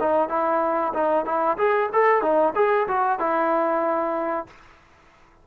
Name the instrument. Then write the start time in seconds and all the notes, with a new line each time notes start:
trombone
0.00 D#4
0.29 E4
0.93 D#4
1.25 E4
1.58 G#4
1.93 A4
2.22 D#4
2.55 G#4
2.87 F#4
3.19 E4